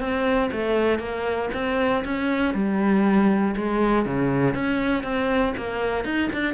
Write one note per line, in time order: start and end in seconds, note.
0.00 0.50 C4
0.52 0.99 A3
0.99 1.50 A#3
1.54 2.04 C4
2.05 2.54 C#4
2.54 3.55 G3
3.56 4.06 G#3
4.06 4.54 C#3
4.54 5.04 C#4
5.04 5.54 C4
5.57 6.05 A#3
6.05 6.30 D#4
6.33 6.54 D4